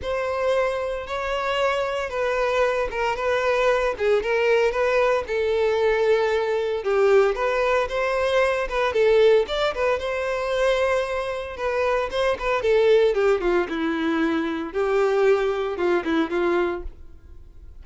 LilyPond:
\new Staff \with { instrumentName = "violin" } { \time 4/4 \tempo 4 = 114 c''2 cis''2 | b'4. ais'8 b'4. gis'8 | ais'4 b'4 a'2~ | a'4 g'4 b'4 c''4~ |
c''8 b'8 a'4 d''8 b'8 c''4~ | c''2 b'4 c''8 b'8 | a'4 g'8 f'8 e'2 | g'2 f'8 e'8 f'4 | }